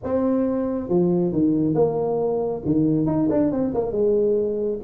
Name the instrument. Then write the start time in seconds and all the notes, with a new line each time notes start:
tuba
0.03 C4
0.88 F3
1.32 D#3
1.74 A#3
2.65 D#3
3.06 D#4
3.30 D4
3.51 C4
3.74 A#3
3.91 G#3